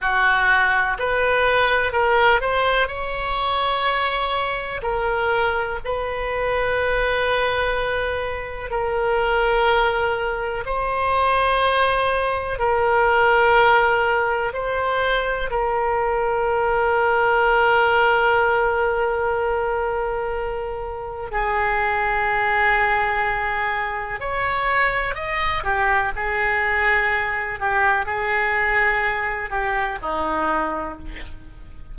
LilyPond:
\new Staff \with { instrumentName = "oboe" } { \time 4/4 \tempo 4 = 62 fis'4 b'4 ais'8 c''8 cis''4~ | cis''4 ais'4 b'2~ | b'4 ais'2 c''4~ | c''4 ais'2 c''4 |
ais'1~ | ais'2 gis'2~ | gis'4 cis''4 dis''8 g'8 gis'4~ | gis'8 g'8 gis'4. g'8 dis'4 | }